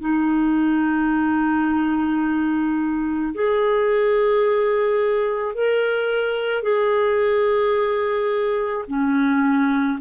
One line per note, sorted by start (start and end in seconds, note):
0.00 3.33 D#4
3.34 5.55 G#4
5.55 6.63 A#4
6.63 8.85 G#4
8.88 9.99 C#4